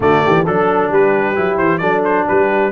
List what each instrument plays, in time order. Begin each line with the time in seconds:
0.00 tuba D3, trombone A3, horn F#4, trumpet D5
0.25 tuba E3, horn G4
0.44 tuba F#3, trombone D4, horn A4, trumpet A4
0.89 tuba G3, horn G4, trumpet B4
1.35 tuba F#3, trombone E4
1.57 tuba E3, trumpet C5
1.78 tuba F#3, trombone D4, horn A4, trumpet D5
2.04 trumpet C5
2.27 tuba G3, horn G4, trumpet B4